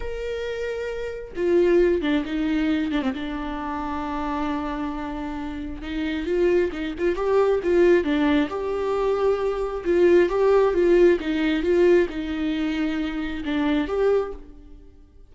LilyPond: \new Staff \with { instrumentName = "viola" } { \time 4/4 \tempo 4 = 134 ais'2. f'4~ | f'8 d'8 dis'4. d'16 c'16 d'4~ | d'1~ | d'4 dis'4 f'4 dis'8 f'8 |
g'4 f'4 d'4 g'4~ | g'2 f'4 g'4 | f'4 dis'4 f'4 dis'4~ | dis'2 d'4 g'4 | }